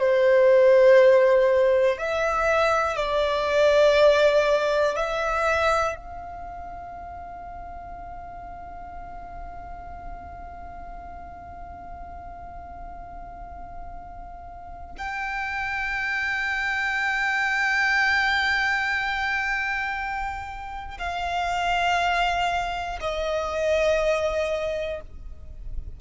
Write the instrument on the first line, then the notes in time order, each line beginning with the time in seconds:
violin
0.00 C5
1.98 E5
2.96 D5
4.96 E5
5.96 F5
14.98 G5
20.99 F5
23.01 D#5